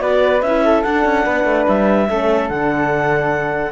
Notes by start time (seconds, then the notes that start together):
0.00 B3 F#4 B4 D5
0.41 C#4 E4 E5
0.64 A4
0.83 D4 F#5
1.05 C#4
1.25 B3 B4
1.44 A3
1.68 G3 E5
2.09 A3 C#4 A4
2.49 D3 D4 F#5